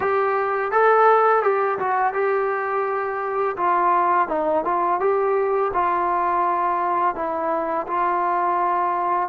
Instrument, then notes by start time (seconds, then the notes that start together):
trombone
0.00 G4
0.71 A4
1.42 G4
1.79 F#4
2.13 G4
3.56 F4
4.28 D#4
4.64 F4
5.00 G4
5.73 F4
7.15 E4
7.87 F4